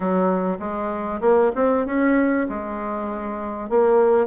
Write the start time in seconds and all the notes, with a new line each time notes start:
0.00 F#3
0.59 G#3
1.21 A#3
1.55 C4
1.86 C#4
2.49 G#3
3.69 A#3